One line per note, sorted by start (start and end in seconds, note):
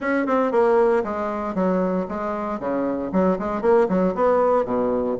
0.00 0.26 C#4
0.26 0.51 C4
0.51 1.03 A#3
1.03 1.54 G#3
1.54 2.06 F#3
2.08 2.59 G#3
2.59 3.11 C#3
3.12 3.38 F#3
3.39 3.61 G#3
3.61 3.87 A#3
3.88 4.14 F#3
4.14 4.65 B3
4.65 5.17 B2